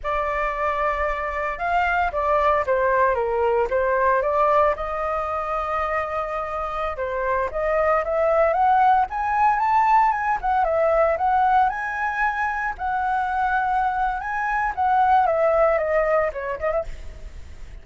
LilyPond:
\new Staff \with { instrumentName = "flute" } { \time 4/4 \tempo 4 = 114 d''2. f''4 | d''4 c''4 ais'4 c''4 | d''4 dis''2.~ | dis''4~ dis''16 c''4 dis''4 e''8.~ |
e''16 fis''4 gis''4 a''4 gis''8 fis''16~ | fis''16 e''4 fis''4 gis''4.~ gis''16~ | gis''16 fis''2~ fis''8. gis''4 | fis''4 e''4 dis''4 cis''8 dis''16 e''16 | }